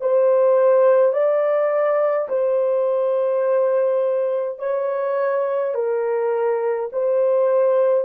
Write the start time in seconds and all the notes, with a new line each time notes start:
0.00 C5
1.12 D5
2.29 C5
4.58 C#5
5.74 A#4
6.92 C5